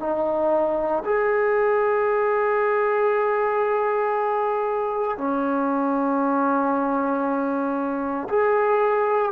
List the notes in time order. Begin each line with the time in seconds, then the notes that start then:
0.00 D#4
1.05 G#4
5.18 C#4
8.30 G#4